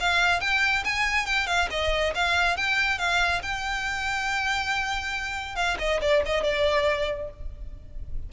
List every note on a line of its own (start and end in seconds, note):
0.00 0.41 F5
0.41 0.84 G5
0.84 1.26 G#5
1.26 1.47 G5
1.47 1.68 F5
1.71 2.14 D#5
2.15 2.57 F5
2.57 2.99 G5
2.99 3.42 F5
3.43 5.56 G5
5.56 5.77 F5
5.79 6.00 D#5
6.02 6.23 D5
6.26 6.43 D#5
6.43 7.30 D5